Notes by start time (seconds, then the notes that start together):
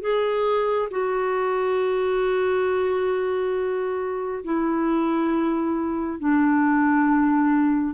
0.00 G#4
0.90 F#4
4.44 E4
6.19 D4